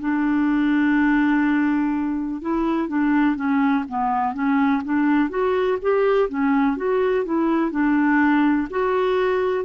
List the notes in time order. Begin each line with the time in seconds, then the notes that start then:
0.00 D4
2.42 E4
2.89 D4
3.36 C#4
3.89 B3
4.34 C#4
4.84 D4
5.30 F#4
5.82 G4
6.29 C#4
6.77 F#4
7.25 E4
7.72 D4
8.71 F#4